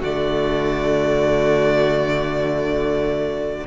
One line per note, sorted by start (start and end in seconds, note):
0.00 3.66 D3
0.00 3.67 A3
0.00 3.65 F#4
0.00 3.67 D5